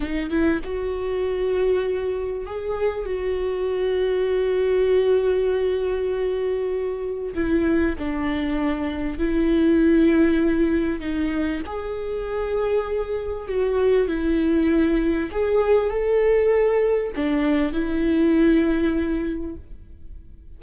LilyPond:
\new Staff \with { instrumentName = "viola" } { \time 4/4 \tempo 4 = 98 dis'8 e'8 fis'2. | gis'4 fis'2.~ | fis'1 | e'4 d'2 e'4~ |
e'2 dis'4 gis'4~ | gis'2 fis'4 e'4~ | e'4 gis'4 a'2 | d'4 e'2. | }